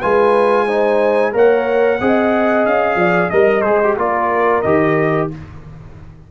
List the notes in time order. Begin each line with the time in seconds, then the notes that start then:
0.00 G#3 F4 B4 G#5
0.67 D#4 C5
1.33 A#3 A#4 C#5 F#5
2.01 C4 G#4 D#5
2.66 C#4 F5
2.96 F3 D5
3.30 G3 A#4 D#5
3.62 G#3 G#4 C5
3.84 G4
3.97 A#3 F4 A#4 D5
4.62 D#3 G4 D#5